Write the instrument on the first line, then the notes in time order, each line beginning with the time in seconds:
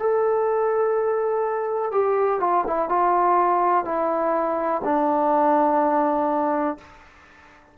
trombone
0.00 A4
1.92 G4
2.41 F4
2.67 E4
2.89 F4
3.85 E4
4.85 D4